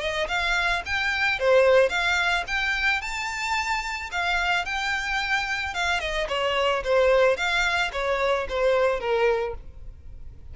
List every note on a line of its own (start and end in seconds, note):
0.00 0.27 D#5
0.28 0.83 F5
0.86 1.39 G5
1.39 1.89 C5
1.89 2.44 F5
2.47 3.01 G5
3.01 4.10 A5
4.12 4.65 F5
4.65 5.74 G5
5.74 6.00 F5
6.00 6.28 D#5
6.29 6.83 C#5
6.84 7.37 C5
7.37 7.91 F5
7.93 8.47 C#5
8.49 9.00 C5
9.00 9.55 A#4